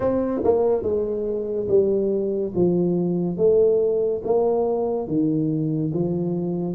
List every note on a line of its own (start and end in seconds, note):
0.00 0.41 C4
0.43 0.82 A#3
0.82 1.67 G#3
1.68 2.52 G3
2.55 3.36 F3
3.36 4.21 A3
4.24 5.07 A#3
5.07 5.92 D#3
5.93 6.75 F3